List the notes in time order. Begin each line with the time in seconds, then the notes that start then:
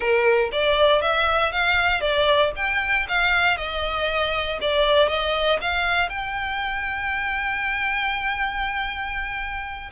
0.00 A#4
0.52 D5
1.01 E5
1.52 F5
2.01 D5
2.55 G5
3.08 F5
3.57 D#5
4.61 D5
5.08 D#5
5.61 F5
6.09 G5